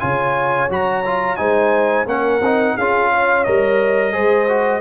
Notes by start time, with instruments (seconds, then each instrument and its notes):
0.00 tuba C#3, trombone F4, horn C#5, trumpet G#5
0.70 tuba F#3, trombone F#4, trumpet A#5
1.05 trombone F4
1.36 tuba G#3, trombone D#4, horn C5, trumpet G#5
2.06 tuba A#3, trombone C#4, horn A#4, trumpet F#5
2.41 tuba C4, trombone D#4
2.76 tuba C#4, trombone F4, horn G#4, trumpet F5
3.11 horn C#5
3.44 tuba G3, trombone A#4, trumpet D#5
4.13 tuba G#3, trombone G#4, horn C5
4.48 trombone F#4